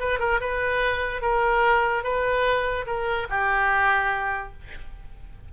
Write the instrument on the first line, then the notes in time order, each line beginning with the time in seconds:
oboe
0.00 B4
0.20 A#4
0.41 B4
1.22 A#4
2.04 B4
2.87 A#4
3.30 G4